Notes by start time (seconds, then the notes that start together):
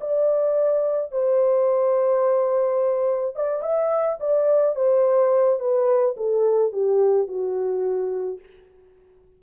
0.00 D5
1.11 C5
3.35 D5
3.62 E5
4.20 D5
4.75 C5
5.59 B4
6.16 A4
6.72 G4
7.27 F#4